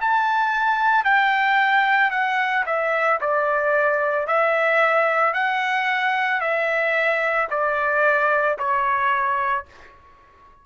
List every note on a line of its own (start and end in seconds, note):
0.00 1.04 A5
1.04 2.10 G5
2.10 2.64 F#5
2.66 3.19 E5
3.20 4.27 D5
4.27 5.33 E5
5.33 6.40 F#5
6.41 7.48 E5
7.50 8.58 D5
8.59 9.66 C#5